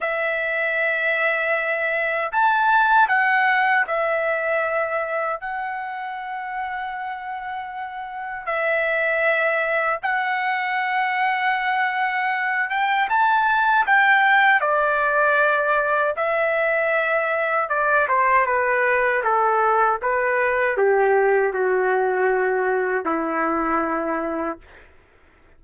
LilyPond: \new Staff \with { instrumentName = "trumpet" } { \time 4/4 \tempo 4 = 78 e''2. a''4 | fis''4 e''2 fis''4~ | fis''2. e''4~ | e''4 fis''2.~ |
fis''8 g''8 a''4 g''4 d''4~ | d''4 e''2 d''8 c''8 | b'4 a'4 b'4 g'4 | fis'2 e'2 | }